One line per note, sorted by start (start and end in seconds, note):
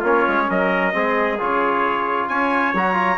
0.00 0.25 A#3
0.00 0.93 C#4
0.00 0.45 F4
0.00 0.50 C#5
0.27 0.50 G#3
0.49 0.95 F#3
0.49 0.94 A#4
0.49 1.40 D#5
0.93 1.40 G#3
0.93 1.38 C4
0.93 2.29 G#4
1.39 2.29 C#3
1.39 2.74 F4
1.39 2.28 C#5
2.28 2.73 C#4
2.28 3.18 C#5
2.28 2.73 G#5
2.73 3.18 F#3
2.73 2.94 F#4
2.73 3.18 A#5
2.94 3.16 F4